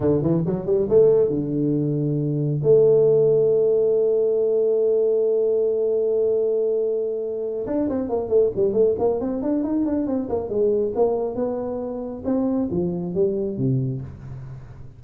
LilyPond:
\new Staff \with { instrumentName = "tuba" } { \time 4/4 \tempo 4 = 137 d8 e8 fis8 g8 a4 d4~ | d2 a2~ | a1~ | a1~ |
a4. d'8 c'8 ais8 a8 g8 | a8 ais8 c'8 d'8 dis'8 d'8 c'8 ais8 | gis4 ais4 b2 | c'4 f4 g4 c4 | }